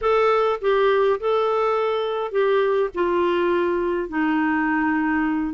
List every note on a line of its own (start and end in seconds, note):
0.01 0.59 A4
0.61 1.19 G4
1.20 2.31 A4
2.31 2.89 G4
2.94 4.08 F4
4.08 5.53 D#4